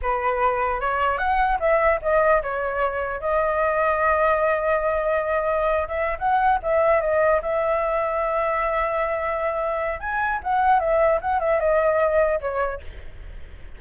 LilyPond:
\new Staff \with { instrumentName = "flute" } { \time 4/4 \tempo 4 = 150 b'2 cis''4 fis''4 | e''4 dis''4 cis''2 | dis''1~ | dis''2~ dis''8. e''8. fis''8~ |
fis''8 e''4 dis''4 e''4.~ | e''1~ | e''4 gis''4 fis''4 e''4 | fis''8 e''8 dis''2 cis''4 | }